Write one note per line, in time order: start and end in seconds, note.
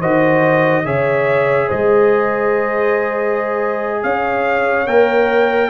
0.00 0.85 D#3
0.00 0.85 F#4
0.00 0.85 C5
0.00 0.86 D#5
0.85 1.70 C#3
0.85 4.87 G#4
0.85 1.68 C#5
0.85 1.70 E5
1.68 4.04 G#3
1.68 4.00 C5
1.68 4.03 D#5
4.03 4.87 C#4
4.03 5.70 C#5
4.03 4.87 F5
4.87 5.70 A#3
4.87 5.70 A#4
4.87 5.70 G5